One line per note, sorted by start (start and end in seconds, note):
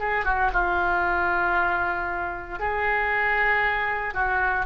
0.00 0.25 G#4
0.25 0.51 F#4
0.53 2.60 F4
2.60 4.14 G#4
4.14 4.66 F#4